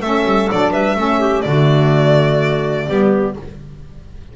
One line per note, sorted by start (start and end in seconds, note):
0.00 0.24 A3
0.00 0.50 C#4
0.00 0.72 A4
0.00 0.49 E5
0.25 0.49 G3
0.50 0.72 F#3
0.50 0.96 D4
0.50 0.72 D5
0.72 0.96 G3
0.72 0.95 B4
0.72 1.41 E5
0.96 1.43 A3
0.96 1.44 C#4
0.96 1.20 A4
1.20 1.43 G4
1.41 2.87 D3
1.41 2.88 A3
1.41 2.86 F#4
1.41 3.32 D5
2.86 3.36 G3
2.86 3.36 B3
2.86 3.34 G4